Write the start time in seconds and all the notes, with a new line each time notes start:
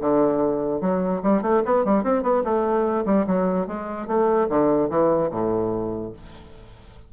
0.00 D3
0.81 F#3
1.22 G3
1.42 A3
1.65 B3
1.85 G3
2.04 C4
2.23 B3
2.44 A3
3.05 G3
3.27 F#3
3.67 G#3
4.07 A3
4.49 D3
4.89 E3
5.31 A2